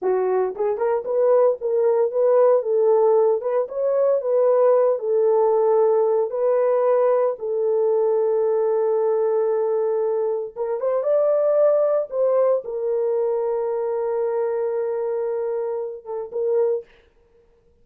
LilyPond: \new Staff \with { instrumentName = "horn" } { \time 4/4 \tempo 4 = 114 fis'4 gis'8 ais'8 b'4 ais'4 | b'4 a'4. b'8 cis''4 | b'4. a'2~ a'8 | b'2 a'2~ |
a'1 | ais'8 c''8 d''2 c''4 | ais'1~ | ais'2~ ais'8 a'8 ais'4 | }